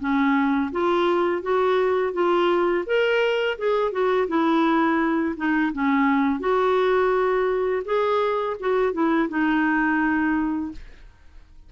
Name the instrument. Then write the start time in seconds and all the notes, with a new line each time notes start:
clarinet
0.00 C#4
0.72 F4
1.43 F#4
2.13 F4
2.87 A#4
3.59 G#4
3.92 F#4
4.28 E4
5.37 D#4
5.73 C#4
6.40 F#4
7.85 G#4
8.60 F#4
8.93 E4
9.29 D#4